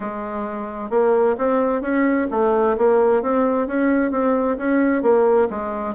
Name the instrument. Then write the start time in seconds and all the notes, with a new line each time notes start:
bassoon
0.00 G#3
0.90 A#3
1.37 C4
1.81 C#4
2.30 A3
2.77 A#3
3.22 C4
3.67 C#4
4.11 C4
4.57 C#4
5.02 A#3
5.50 G#3